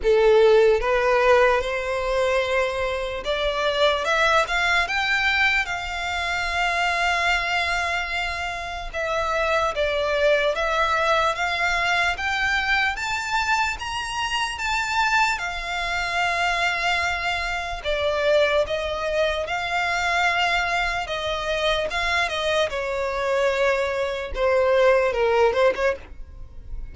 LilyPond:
\new Staff \with { instrumentName = "violin" } { \time 4/4 \tempo 4 = 74 a'4 b'4 c''2 | d''4 e''8 f''8 g''4 f''4~ | f''2. e''4 | d''4 e''4 f''4 g''4 |
a''4 ais''4 a''4 f''4~ | f''2 d''4 dis''4 | f''2 dis''4 f''8 dis''8 | cis''2 c''4 ais'8 c''16 cis''16 | }